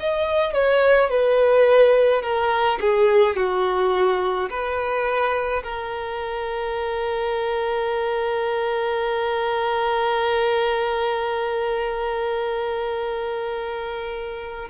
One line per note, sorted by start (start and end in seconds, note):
0.00 0.54 D#5
0.54 1.10 C#5
1.10 2.22 B4
2.22 2.79 A#4
2.81 3.36 G#4
3.36 4.49 F#4
4.50 5.63 B4
5.63 14.69 A#4